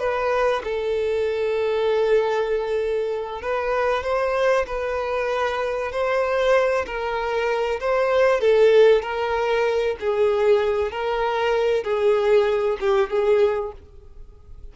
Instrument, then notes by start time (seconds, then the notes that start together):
violin
0.00 B4
0.64 A4
3.42 B4
4.04 C5
4.67 B4
5.92 C5
6.86 A#4
7.81 C5
8.41 A4
9.03 A#4
10.01 G#4
10.92 A#4
11.84 G#4
12.80 G4
13.10 G#4